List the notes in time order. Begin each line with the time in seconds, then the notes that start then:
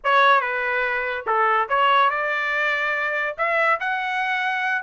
0.03 C#5
0.40 B4
1.26 A4
1.68 C#5
2.10 D5
3.37 E5
3.80 F#5